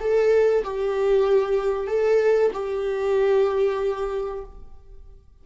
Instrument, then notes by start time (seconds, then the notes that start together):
viola
0.00 A4
0.64 G4
1.87 A4
2.53 G4